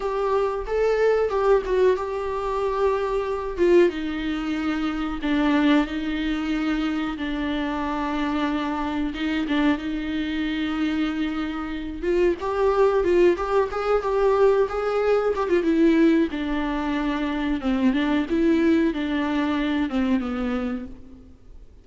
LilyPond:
\new Staff \with { instrumentName = "viola" } { \time 4/4 \tempo 4 = 92 g'4 a'4 g'8 fis'8 g'4~ | g'4. f'8 dis'2 | d'4 dis'2 d'4~ | d'2 dis'8 d'8 dis'4~ |
dis'2~ dis'8 f'8 g'4 | f'8 g'8 gis'8 g'4 gis'4 g'16 f'16 | e'4 d'2 c'8 d'8 | e'4 d'4. c'8 b4 | }